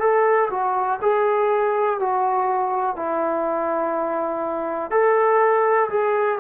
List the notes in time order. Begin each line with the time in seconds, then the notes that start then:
0.00 A4
0.50 F#4
1.01 G#4
1.99 F#4
2.96 E4
4.90 A4
5.89 G#4